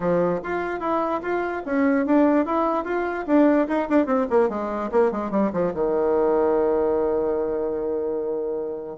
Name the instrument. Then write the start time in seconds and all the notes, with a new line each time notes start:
bassoon
0.00 F3
0.43 F4
0.79 E4
1.21 F4
1.65 C#4
2.05 D4
2.45 E4
2.84 F4
3.26 D4
3.67 D#4
3.89 D4
4.06 C4
4.29 A#3
4.49 G#3
4.91 A#3
5.11 G#3
5.30 G3
5.52 F3
5.73 D#3